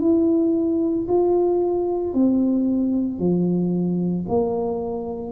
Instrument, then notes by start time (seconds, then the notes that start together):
tuba
0.00 E4
1.09 F4
2.14 C4
3.19 F3
4.29 A#3